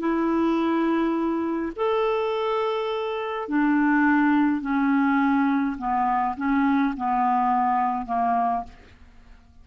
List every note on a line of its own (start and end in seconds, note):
0.00 1.73 E4
1.76 3.49 A4
3.49 4.62 D4
4.62 5.77 C#4
5.78 6.36 B3
6.37 6.95 C#4
6.97 8.06 B3
8.06 8.64 A#3